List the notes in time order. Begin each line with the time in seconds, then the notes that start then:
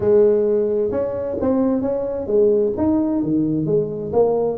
0.00 G#3
0.91 C#4
1.41 C4
1.81 C#4
2.26 G#3
2.77 D#4
3.22 D#3
3.66 G#3
4.13 A#3